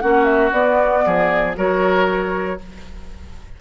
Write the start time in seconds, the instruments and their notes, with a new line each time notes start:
0.00 bassoon A#3, clarinet C#4, oboe F#4, flute F#5
0.25 flute E5
0.52 bassoon B3, clarinet B3, flute D5
1.06 bassoon F3, oboe G#4
1.56 bassoon F#3, clarinet F#4, oboe A#4, flute C#5